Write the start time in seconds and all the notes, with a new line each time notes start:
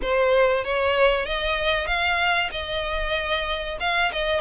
0.01 C5
0.64 C#5
1.25 D#5
1.87 F5
2.51 D#5
3.80 F5
4.12 D#5